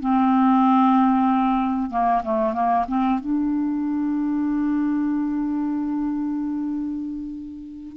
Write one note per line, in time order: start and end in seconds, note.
0.00 1.91 C4
1.91 2.23 A#3
2.24 2.54 A3
2.54 2.85 A#3
2.88 3.20 C4
3.20 7.97 D4